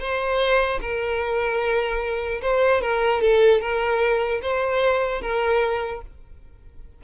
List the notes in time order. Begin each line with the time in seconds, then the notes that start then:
0.00 C5
0.81 A#4
2.42 C5
2.81 A#4
3.22 A4
3.61 A#4
4.42 C5
5.21 A#4